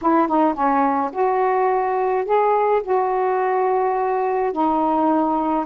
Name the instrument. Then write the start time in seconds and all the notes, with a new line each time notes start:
saxophone
0.01 E4
0.27 D#4
0.54 C#4
1.12 F#4
2.25 G#4
2.82 F#4
4.52 D#4